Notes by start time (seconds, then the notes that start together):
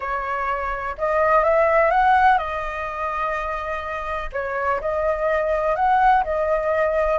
0.00 C#5
0.98 D#5
1.44 E5
1.90 F#5
2.38 D#5
4.32 C#5
4.80 D#5
5.75 F#5
6.24 D#5